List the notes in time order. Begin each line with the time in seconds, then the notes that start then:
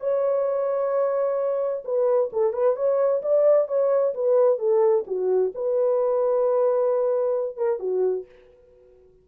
0.00 C#5
1.84 B4
2.32 A4
2.53 B4
2.76 C#5
3.22 D5
3.67 C#5
4.14 B4
4.58 A4
5.07 F#4
5.54 B4
7.56 A#4
7.79 F#4